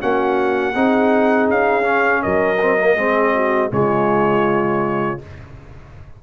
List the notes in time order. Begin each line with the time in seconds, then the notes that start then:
0.00 A#3 C#4 F#4 F#5
0.75 C4 D#4 G#4
1.49 C#4 F5
1.82 C#4
2.23 F#3 A#4 D#5
2.62 C4
2.78 A#3
2.96 G#3 C4 G#4
3.34 F#4
3.71 C#3 G#3 F4 C#5